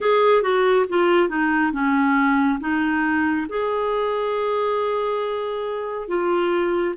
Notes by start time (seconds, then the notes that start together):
0.00 G#4
0.42 F#4
0.88 F4
1.28 D#4
1.72 C#4
2.60 D#4
3.49 G#4
6.08 F4